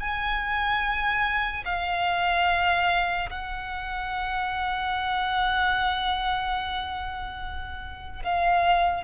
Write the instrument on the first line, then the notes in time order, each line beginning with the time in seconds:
violin
0.00 G#5
1.65 F5
3.30 F#5
8.24 F5